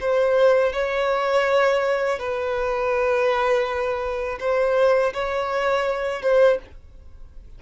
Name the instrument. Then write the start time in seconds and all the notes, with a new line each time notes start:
violin
0.00 C5
0.73 C#5
2.19 B4
4.40 C5
5.13 C#5
6.22 C5